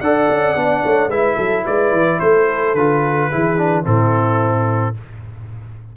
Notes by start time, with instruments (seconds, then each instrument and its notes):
0.00 tuba D4, trombone A4, horn D5, trumpet F#5
0.29 tuba C#4
0.55 tuba B3, trombone D4
0.84 tuba A3, horn C#5
1.08 tuba G#3, trombone E4, horn B4, trumpet E5
1.36 tuba F#3, horn A4
1.64 tuba G#3, horn B4, trumpet D5
1.92 tuba E3
2.19 tuba A3, horn A4, trumpet C5
2.74 tuba D3, trombone F4, trumpet B4
3.30 tuba E3, trombone E4, horn G#4
3.57 trombone D4
3.83 tuba A2, trombone C4, horn E4, trumpet A4